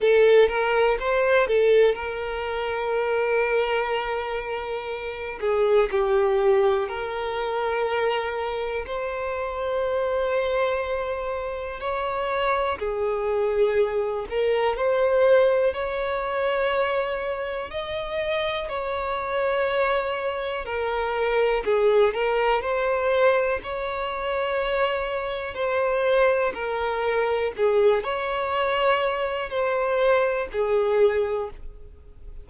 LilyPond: \new Staff \with { instrumentName = "violin" } { \time 4/4 \tempo 4 = 61 a'8 ais'8 c''8 a'8 ais'2~ | ais'4. gis'8 g'4 ais'4~ | ais'4 c''2. | cis''4 gis'4. ais'8 c''4 |
cis''2 dis''4 cis''4~ | cis''4 ais'4 gis'8 ais'8 c''4 | cis''2 c''4 ais'4 | gis'8 cis''4. c''4 gis'4 | }